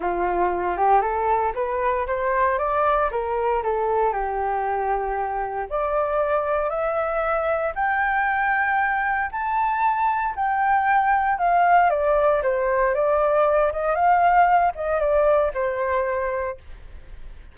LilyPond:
\new Staff \with { instrumentName = "flute" } { \time 4/4 \tempo 4 = 116 f'4. g'8 a'4 b'4 | c''4 d''4 ais'4 a'4 | g'2. d''4~ | d''4 e''2 g''4~ |
g''2 a''2 | g''2 f''4 d''4 | c''4 d''4. dis''8 f''4~ | f''8 dis''8 d''4 c''2 | }